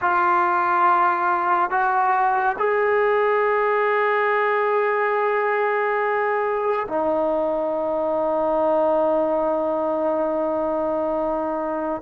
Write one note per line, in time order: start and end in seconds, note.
0.01 1.70 F4
1.70 2.56 F#4
2.58 6.86 G#4
6.88 12.01 D#4